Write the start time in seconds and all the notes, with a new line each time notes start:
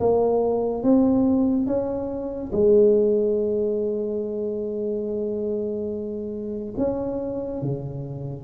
0.00 A#3
0.83 C4
1.66 C#4
2.52 G#3
6.77 C#4
7.62 C#3